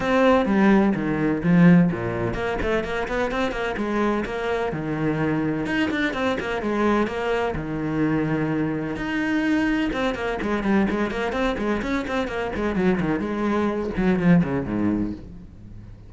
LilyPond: \new Staff \with { instrumentName = "cello" } { \time 4/4 \tempo 4 = 127 c'4 g4 dis4 f4 | ais,4 ais8 a8 ais8 b8 c'8 ais8 | gis4 ais4 dis2 | dis'8 d'8 c'8 ais8 gis4 ais4 |
dis2. dis'4~ | dis'4 c'8 ais8 gis8 g8 gis8 ais8 | c'8 gis8 cis'8 c'8 ais8 gis8 fis8 dis8 | gis4. fis8 f8 cis8 gis,4 | }